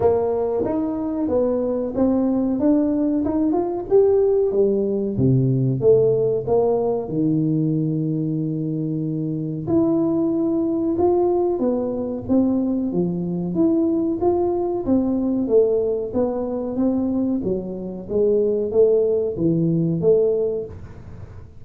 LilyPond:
\new Staff \with { instrumentName = "tuba" } { \time 4/4 \tempo 4 = 93 ais4 dis'4 b4 c'4 | d'4 dis'8 f'8 g'4 g4 | c4 a4 ais4 dis4~ | dis2. e'4~ |
e'4 f'4 b4 c'4 | f4 e'4 f'4 c'4 | a4 b4 c'4 fis4 | gis4 a4 e4 a4 | }